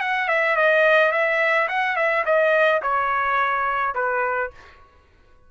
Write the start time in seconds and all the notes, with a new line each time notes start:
0.00 F#5
0.28 E5
0.56 D#5
1.12 E5
1.68 F#5
1.96 E5
2.25 D#5
2.82 C#5
3.95 B4